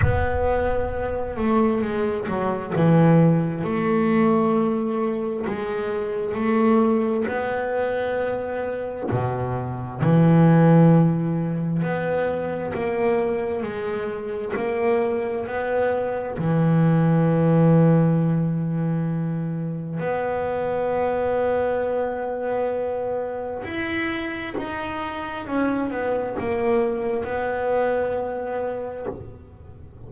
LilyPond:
\new Staff \with { instrumentName = "double bass" } { \time 4/4 \tempo 4 = 66 b4. a8 gis8 fis8 e4 | a2 gis4 a4 | b2 b,4 e4~ | e4 b4 ais4 gis4 |
ais4 b4 e2~ | e2 b2~ | b2 e'4 dis'4 | cis'8 b8 ais4 b2 | }